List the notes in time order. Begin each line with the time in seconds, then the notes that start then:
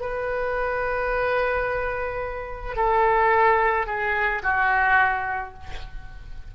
0.00 B4
2.76 A4
3.86 G#4
4.43 F#4